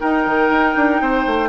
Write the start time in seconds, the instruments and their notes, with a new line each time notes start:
0.00 clarinet D#4, bassoon D#4, oboe A#4, flute G5
0.27 bassoon D#3
0.50 bassoon D#4
0.76 bassoon D4
1.01 bassoon C4, oboe C5
1.27 bassoon A3